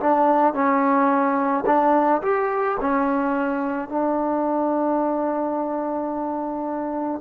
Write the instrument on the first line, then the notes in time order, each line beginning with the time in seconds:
trombone
0.00 D4
0.54 C#4
1.67 D4
2.22 G4
2.81 C#4
3.89 D4